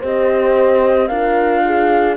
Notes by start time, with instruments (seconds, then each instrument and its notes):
0.00 cello C4, horn G4 C5, flute D#5
1.08 cello D4, horn F4 A#4, flute F5
1.65 horn G#4